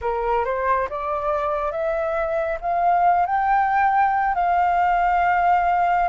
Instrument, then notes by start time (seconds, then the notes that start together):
flute
0.01 A#4
0.45 C5
0.89 D5
1.71 E5
2.60 F5
3.26 G5
4.34 F5